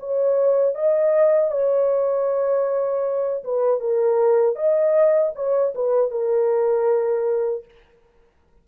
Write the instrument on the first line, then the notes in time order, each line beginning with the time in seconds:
horn
0.00 C#5
0.75 D#5
1.51 C#5
3.44 B4
3.80 A#4
4.56 D#5
5.35 C#5
5.75 B4
6.11 A#4